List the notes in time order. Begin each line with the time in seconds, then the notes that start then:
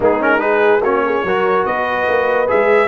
0.00 G#3 B3 D#4 G#4
0.19 C#4 A#4
0.38 D#4 G#4 B4
0.81 A#3 C#4 F#4 C#5
1.05 G#4
1.23 F#3 F#4 A#4
1.65 B3 B4 D#5
2.08 A#3
2.47 G#3 G#4 E5